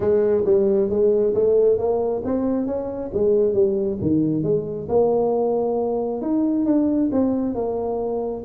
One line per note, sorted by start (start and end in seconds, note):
0.00 0.44 G#3
0.45 0.89 G3
0.89 1.34 G#3
1.34 1.78 A3
1.78 2.22 A#3
2.24 2.66 C4
2.66 3.10 C#4
3.13 3.53 G#3
3.53 3.98 G3
4.01 4.43 D#3
4.43 4.87 G#3
4.88 6.21 A#3
6.21 6.65 D#4
6.65 7.10 D4
7.12 7.54 C4
7.54 8.43 A#3